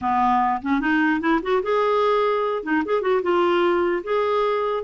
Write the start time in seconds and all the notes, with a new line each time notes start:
0.01 B3
0.62 C#4
0.80 D#4
1.20 E4
1.42 F#4
1.63 G#4
2.63 D#4
2.85 G#4
3.01 F#4
3.22 F4
4.03 G#4